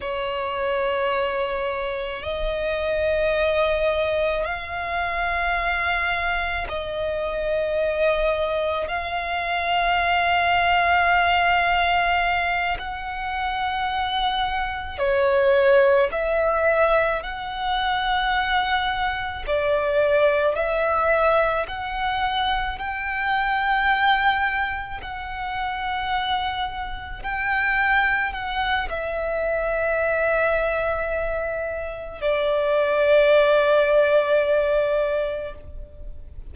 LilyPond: \new Staff \with { instrumentName = "violin" } { \time 4/4 \tempo 4 = 54 cis''2 dis''2 | f''2 dis''2 | f''2.~ f''8 fis''8~ | fis''4. cis''4 e''4 fis''8~ |
fis''4. d''4 e''4 fis''8~ | fis''8 g''2 fis''4.~ | fis''8 g''4 fis''8 e''2~ | e''4 d''2. | }